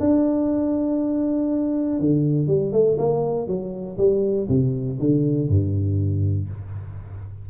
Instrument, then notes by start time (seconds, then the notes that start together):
tuba
0.00 D4
1.99 D3
2.47 G3
2.72 A3
2.98 A#3
3.47 F#3
3.97 G3
4.48 C3
4.99 D3
5.48 G2